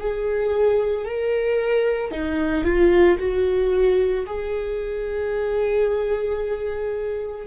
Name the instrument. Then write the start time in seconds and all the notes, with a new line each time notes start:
viola
0.00 G#4
1.05 A#4
2.12 D#4
2.65 F4
3.19 F#4
4.27 G#4